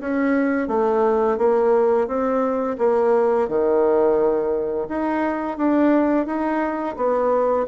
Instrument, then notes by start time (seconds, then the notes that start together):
bassoon
0.00 C#4
0.68 A3
1.38 A#3
2.07 C4
2.78 A#3
3.48 D#3
4.89 D#4
5.57 D4
6.26 D#4
6.97 B3